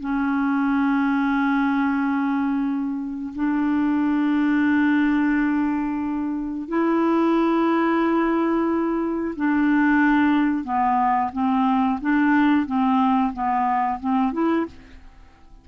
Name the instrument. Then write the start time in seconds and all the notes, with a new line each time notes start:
clarinet
0.00 C#4
3.35 D4
6.68 E4
9.36 D4
10.64 B3
11.33 C4
12.01 D4
12.66 C4
13.33 B3
14.00 C4
14.32 E4